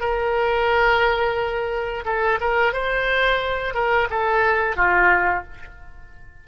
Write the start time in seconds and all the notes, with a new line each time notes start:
0.00 A#4
2.05 A4
2.40 A#4
2.73 C5
3.74 A#4
4.10 A4
4.76 F4